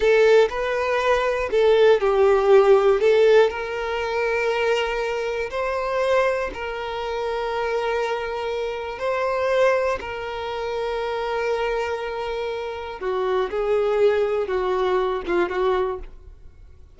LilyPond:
\new Staff \with { instrumentName = "violin" } { \time 4/4 \tempo 4 = 120 a'4 b'2 a'4 | g'2 a'4 ais'4~ | ais'2. c''4~ | c''4 ais'2.~ |
ais'2 c''2 | ais'1~ | ais'2 fis'4 gis'4~ | gis'4 fis'4. f'8 fis'4 | }